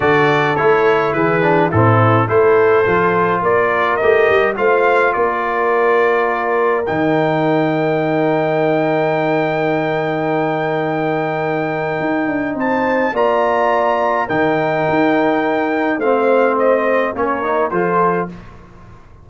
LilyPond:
<<
  \new Staff \with { instrumentName = "trumpet" } { \time 4/4 \tempo 4 = 105 d''4 cis''4 b'4 a'4 | c''2 d''4 dis''4 | f''4 d''2. | g''1~ |
g''1~ | g''2 a''4 ais''4~ | ais''4 g''2. | f''4 dis''4 cis''4 c''4 | }
  \new Staff \with { instrumentName = "horn" } { \time 4/4 a'2 gis'4 e'4 | a'2 ais'2 | c''4 ais'2.~ | ais'1~ |
ais'1~ | ais'2 c''4 d''4~ | d''4 ais'2. | c''2 ais'4 a'4 | }
  \new Staff \with { instrumentName = "trombone" } { \time 4/4 fis'4 e'4. d'8 c'4 | e'4 f'2 g'4 | f'1 | dis'1~ |
dis'1~ | dis'2. f'4~ | f'4 dis'2. | c'2 cis'8 dis'8 f'4 | }
  \new Staff \with { instrumentName = "tuba" } { \time 4/4 d4 a4 e4 a,4 | a4 f4 ais4 a8 g8 | a4 ais2. | dis1~ |
dis1~ | dis4 dis'8 d'8 c'4 ais4~ | ais4 dis4 dis'2 | a2 ais4 f4 | }
>>